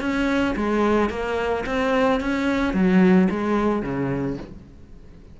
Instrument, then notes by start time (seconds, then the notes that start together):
cello
0.00 C#4
0.56 G#3
1.09 A#3
1.66 C4
2.20 C#4
2.73 F#3
3.30 G#3
3.82 C#3